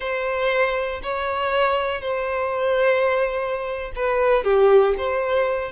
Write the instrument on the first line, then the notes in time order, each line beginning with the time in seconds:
violin
0.00 C5
1.02 C#5
2.01 C5
3.95 B4
4.44 G4
4.97 C5